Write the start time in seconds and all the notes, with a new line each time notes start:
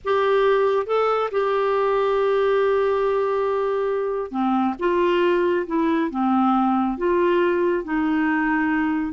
0.04 G4
0.86 A4
1.31 G4
4.31 C4
4.79 F4
5.67 E4
6.10 C4
6.97 F4
7.84 D#4